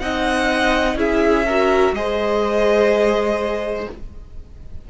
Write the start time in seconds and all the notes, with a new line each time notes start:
0.00 C4 D#4 D#5 F#5
0.95 C#4 E4 G#4 E5
1.47 F#4 A#4
1.93 G#3 G#4 C5 D#5